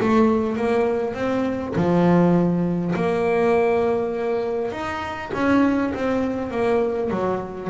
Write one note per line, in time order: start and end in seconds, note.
0.00 0.56 A3
0.56 1.15 A#3
1.15 1.74 C4
1.76 2.95 F3
2.96 4.72 A#3
4.72 5.31 D#4
5.34 5.94 C#4
5.94 6.51 C4
6.51 7.10 A#3
7.10 7.70 F#3